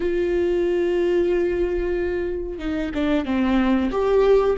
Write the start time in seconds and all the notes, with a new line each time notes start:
0.00 F4
2.58 D#4
2.94 D4
3.25 C4
3.91 G4